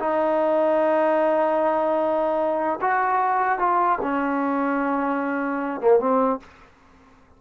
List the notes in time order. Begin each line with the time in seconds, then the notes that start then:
0.00 D#4
2.82 F#4
3.59 F4
4.03 C#4
5.81 A#3
6.00 C4